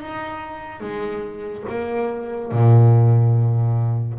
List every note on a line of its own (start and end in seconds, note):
0.00 0.80 D#4
0.80 1.63 G#3
1.69 2.51 A#3
2.51 4.18 A#2